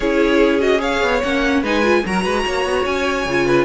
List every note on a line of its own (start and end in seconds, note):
0.00 1.02 C#4
0.00 0.60 E4
0.00 0.79 G#4
0.00 0.60 C#5
0.60 0.77 F#4
0.60 0.81 D#5
0.77 1.18 G#4
0.77 1.61 C#5
0.77 1.22 F5
1.02 1.22 B3
1.22 1.62 A#3
1.22 1.64 C#4
1.22 1.63 F#5
1.61 2.03 G#3
1.61 1.82 D#4
1.61 2.02 B4
1.61 2.05 G#5
1.82 2.03 F4
2.05 2.25 F#3
2.05 3.27 F#4
2.05 2.22 A#4
2.05 2.85 A#5
2.22 2.45 G#3
2.22 2.43 B4
2.45 2.64 A#3
2.45 3.46 C#5
2.64 2.85 B3
2.85 3.25 C#4
2.85 3.65 G#5
3.25 3.65 C#3
3.25 3.65 F4
3.46 3.65 B4